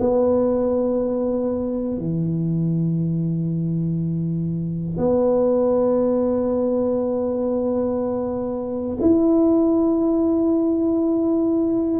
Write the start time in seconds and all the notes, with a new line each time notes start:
0.00 B3
1.98 E3
4.97 B3
9.01 E4